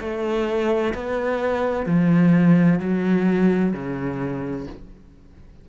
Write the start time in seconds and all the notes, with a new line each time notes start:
0.00 A3
0.95 B3
1.86 F3
2.80 F#3
3.73 C#3